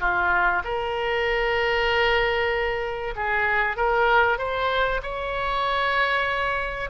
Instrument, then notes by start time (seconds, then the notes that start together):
oboe
0.00 F4
0.64 A#4
3.16 G#4
3.77 A#4
4.38 C5
5.03 C#5